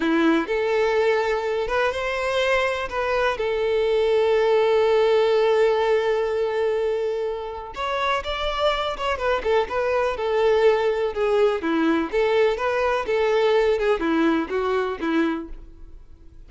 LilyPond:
\new Staff \with { instrumentName = "violin" } { \time 4/4 \tempo 4 = 124 e'4 a'2~ a'8 b'8 | c''2 b'4 a'4~ | a'1~ | a'1 |
cis''4 d''4. cis''8 b'8 a'8 | b'4 a'2 gis'4 | e'4 a'4 b'4 a'4~ | a'8 gis'8 e'4 fis'4 e'4 | }